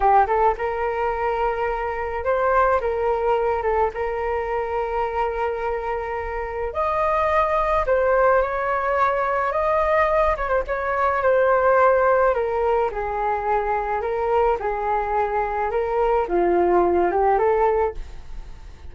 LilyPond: \new Staff \with { instrumentName = "flute" } { \time 4/4 \tempo 4 = 107 g'8 a'8 ais'2. | c''4 ais'4. a'8 ais'4~ | ais'1 | dis''2 c''4 cis''4~ |
cis''4 dis''4. cis''16 c''16 cis''4 | c''2 ais'4 gis'4~ | gis'4 ais'4 gis'2 | ais'4 f'4. g'8 a'4 | }